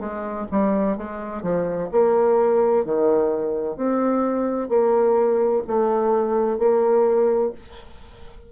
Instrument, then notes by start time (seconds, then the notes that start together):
bassoon
0.00 G#3
0.52 G3
0.97 G#3
1.43 F3
1.92 A#3
2.85 D#3
3.76 C4
4.69 A#3
5.67 A3
6.58 A#3